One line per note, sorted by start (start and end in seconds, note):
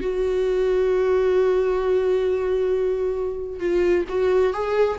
0.00 3.59 F#4
3.59 4.05 F4
4.08 4.53 F#4
4.53 4.98 G#4